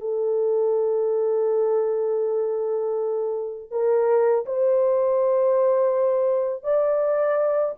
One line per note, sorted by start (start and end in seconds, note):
0.00 3.70 A4
3.71 4.45 A#4
4.45 6.64 C5
6.64 7.75 D5